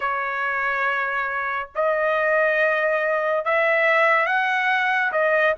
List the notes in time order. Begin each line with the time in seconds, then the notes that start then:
0.00 C#5
1.75 D#5
3.44 E5
4.25 F#5
5.12 D#5